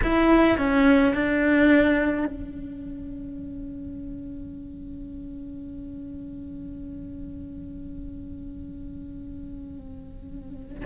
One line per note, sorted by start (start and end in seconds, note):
0.03 0.57 E4
0.57 1.14 C#4
1.14 2.26 D4
2.26 10.83 C#4